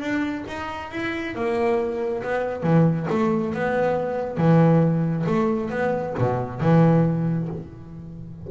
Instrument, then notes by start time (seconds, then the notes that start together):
double bass
0.00 D4
0.48 D#4
0.91 E4
1.35 A#3
2.23 B3
2.63 E3
3.10 A3
3.54 B3
4.37 E3
5.26 A3
5.70 B3
6.18 B2
6.61 E3